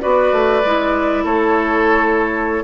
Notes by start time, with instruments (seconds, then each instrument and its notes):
0.00 bassoon B3, clarinet F#4, oboe B4, flute D5
0.32 bassoon A3
0.64 bassoon G#3, clarinet E4
1.24 bassoon A3, oboe A4, flute C#5